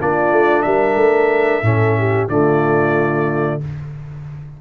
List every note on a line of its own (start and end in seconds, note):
0.00 0.31 A#3
0.00 1.63 D4
0.00 0.65 F4
0.00 0.62 D5
0.31 0.64 A3
0.62 0.95 G3
0.62 1.63 A#4
0.62 2.27 E5
0.95 1.61 A3
1.62 2.28 A2
1.62 2.29 C#4
1.62 1.98 A4
1.98 2.29 G4
2.28 3.60 D3
2.28 3.61 A3
2.28 3.61 F4
2.28 3.61 D5